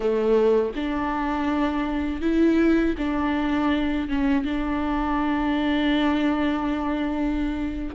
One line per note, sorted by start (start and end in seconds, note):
0.00 0.72 A3
0.75 2.21 D4
2.21 2.95 E4
2.98 4.08 D4
4.08 4.44 C#4
4.44 7.95 D4